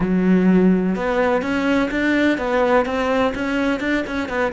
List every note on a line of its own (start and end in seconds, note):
0.00 0.95 F#3
0.95 1.42 B3
1.42 1.89 C#4
1.90 2.37 D4
2.37 2.85 B3
2.85 3.33 C4
3.34 3.80 C#4
3.80 4.03 D4
4.06 4.28 C#4
4.28 4.52 B3